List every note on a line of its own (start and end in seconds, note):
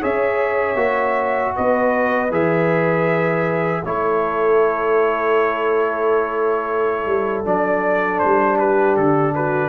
0.00 0.76 C#4
0.00 0.76 G#4
0.00 1.52 C#5
0.00 1.55 E5
0.76 1.52 A#3
0.76 2.28 F#4
1.56 2.31 B3
1.56 3.84 B4
1.56 2.32 D#5
2.31 3.83 E3
2.31 3.83 G#4
2.31 3.85 E5
3.85 7.06 A3
3.85 7.45 E4
3.85 8.58 A4
3.85 7.46 C#5
7.06 7.44 G3
7.45 8.22 F#3
7.45 9.69 D4
7.45 8.19 D5
8.19 8.97 G3
8.19 8.57 C5
8.58 9.34 G4
8.58 8.96 B4
8.97 9.69 D3
8.97 9.34 A4
9.35 9.69 F#4
9.35 9.69 B4